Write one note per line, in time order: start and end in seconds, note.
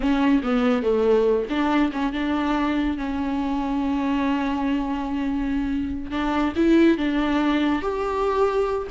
0.00 0.41 C#4
0.43 0.82 B3
0.82 1.46 A3
1.49 1.91 D4
1.92 2.12 C#4
2.12 2.97 D4
2.97 6.11 C#4
6.11 6.53 D4
6.56 6.97 E4
6.97 7.81 D4
7.82 8.87 G4